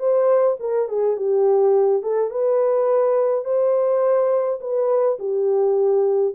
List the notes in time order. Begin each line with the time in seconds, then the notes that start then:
0.00 C5
0.60 A#4
0.89 G#4
1.17 G4
2.03 A4
2.31 B4
3.45 C5
4.61 B4
5.19 G4